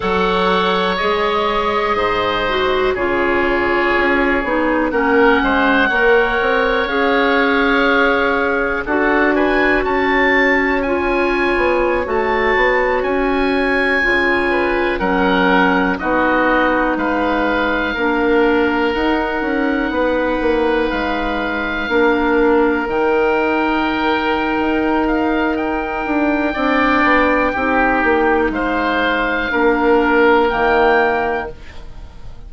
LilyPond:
<<
  \new Staff \with { instrumentName = "oboe" } { \time 4/4 \tempo 4 = 61 fis''4 dis''2 cis''4~ | cis''4 fis''2 f''4~ | f''4 fis''8 gis''8 a''4 gis''4~ | gis''16 a''4 gis''2 fis''8.~ |
fis''16 dis''4 f''2 fis''8.~ | fis''4~ fis''16 f''2 g''8.~ | g''4. f''8 g''2~ | g''4 f''2 g''4 | }
  \new Staff \with { instrumentName = "oboe" } { \time 4/4 cis''2 c''4 gis'4~ | gis'4 ais'8 c''8 cis''2~ | cis''4 a'8 b'8 cis''2~ | cis''2~ cis''8. b'8 ais'8.~ |
ais'16 fis'4 b'4 ais'4.~ ais'16~ | ais'16 b'2 ais'4.~ ais'16~ | ais'2. d''4 | g'4 c''4 ais'2 | }
  \new Staff \with { instrumentName = "clarinet" } { \time 4/4 a'4 gis'4. fis'8 f'4~ | f'8 dis'8 cis'4 ais'4 gis'4~ | gis'4 fis'2 f'4~ | f'16 fis'2 f'4 cis'8.~ |
cis'16 dis'2 d'4 dis'8.~ | dis'2~ dis'16 d'4 dis'8.~ | dis'2. d'4 | dis'2 d'4 ais4 | }
  \new Staff \with { instrumentName = "bassoon" } { \time 4/4 fis4 gis4 gis,4 cis4 | cis'8 b8 ais8 gis8 ais8 c'8 cis'4~ | cis'4 d'4 cis'4.~ cis'16 b16~ | b16 a8 b8 cis'4 cis4 fis8.~ |
fis16 b4 gis4 ais4 dis'8 cis'16~ | cis'16 b8 ais8 gis4 ais4 dis8.~ | dis4 dis'4. d'8 c'8 b8 | c'8 ais8 gis4 ais4 dis4 | }
>>